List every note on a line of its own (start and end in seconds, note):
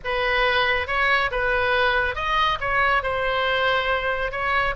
0.04 0.87 B4
0.87 1.30 C#5
1.31 2.15 B4
2.15 2.58 D#5
2.60 3.03 C#5
3.03 4.31 C5
4.31 4.74 C#5